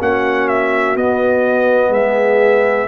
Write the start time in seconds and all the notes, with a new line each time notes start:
0.00 A#3 C#4 F#4 F#5
0.48 E5
0.95 B3 D#5
1.89 G#3 G#4 E5